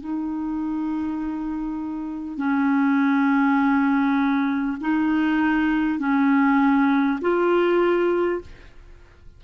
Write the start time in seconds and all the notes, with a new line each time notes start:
0.00 D#4
2.37 C#4
4.81 D#4
5.99 C#4
7.21 F4